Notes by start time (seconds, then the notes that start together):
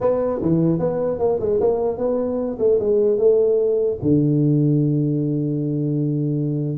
0.00 B3
0.41 E3
0.79 B3
1.19 A#3
1.40 G#3
1.60 A#3
1.97 B3
2.58 A3
2.79 G#3
3.18 A3
4.01 D3